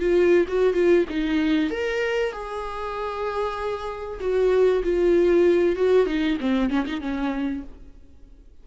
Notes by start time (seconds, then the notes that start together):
0.00 F4
0.48 F#4
0.74 F4
1.09 D#4
1.71 A#4
2.33 G#4
4.21 F#4
4.84 F4
5.76 F#4
6.07 D#4
6.41 C4
6.70 C#4
6.87 D#4
7.01 C#4